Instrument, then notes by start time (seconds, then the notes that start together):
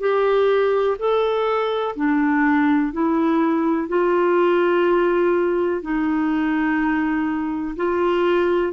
clarinet
0.00 G4
0.99 A4
1.95 D4
2.92 E4
3.88 F4
5.82 D#4
7.76 F4